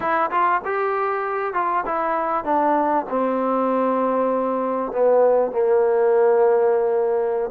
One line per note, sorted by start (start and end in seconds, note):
0.00 0.30 E4
0.30 0.61 F4
0.64 1.53 G4
1.53 1.84 F4
1.85 2.44 E4
2.44 3.05 D4
3.09 4.91 C4
4.91 5.51 B3
5.51 7.50 A#3